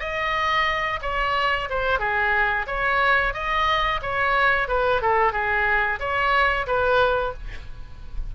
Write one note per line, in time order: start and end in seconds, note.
0.00 1.00 D#5
1.03 1.69 C#5
1.70 2.00 C5
2.00 2.66 G#4
2.68 3.34 C#5
3.34 4.01 D#5
4.03 4.69 C#5
4.69 5.02 B4
5.02 5.33 A4
5.33 6.00 G#4
6.00 6.67 C#5
6.67 7.34 B4